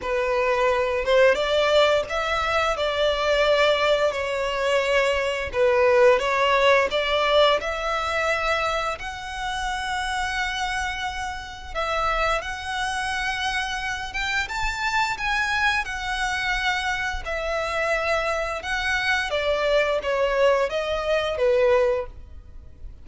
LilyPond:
\new Staff \with { instrumentName = "violin" } { \time 4/4 \tempo 4 = 87 b'4. c''8 d''4 e''4 | d''2 cis''2 | b'4 cis''4 d''4 e''4~ | e''4 fis''2.~ |
fis''4 e''4 fis''2~ | fis''8 g''8 a''4 gis''4 fis''4~ | fis''4 e''2 fis''4 | d''4 cis''4 dis''4 b'4 | }